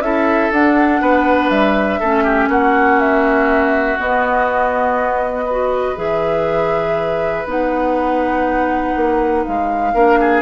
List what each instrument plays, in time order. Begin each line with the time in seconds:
0.00 bassoon C#4, clarinet E4, oboe A4, flute E5
0.52 bassoon D4, clarinet D4, flute F#5
1.01 bassoon B3, oboe B4
1.49 bassoon G3, flute E5
2.00 bassoon A3, clarinet C#4, oboe A4
2.24 oboe G4
2.48 bassoon A#3, oboe F#4, flute F#5
2.99 flute E5
3.98 clarinet B3, bassoon B3, flute D#5
5.45 clarinet F#4, oboe B4
5.96 bassoon E3, clarinet G#4, flute E5
7.45 bassoon B3, clarinet D#4, flute F#5
8.96 bassoon A#3
9.45 bassoon G#3, flute F5
9.94 bassoon A#3, clarinet D4, oboe A#4
10.20 oboe G#4